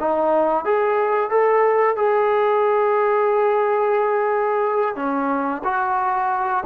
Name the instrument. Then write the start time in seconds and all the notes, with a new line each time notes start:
trombone
0.00 D#4
0.65 G#4
1.31 A4
1.96 G#4
4.96 C#4
5.65 F#4